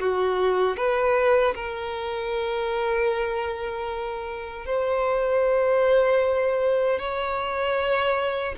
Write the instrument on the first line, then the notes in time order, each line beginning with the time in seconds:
violin
0.00 F#4
0.77 B4
1.55 A#4
4.66 C5
7.00 C#5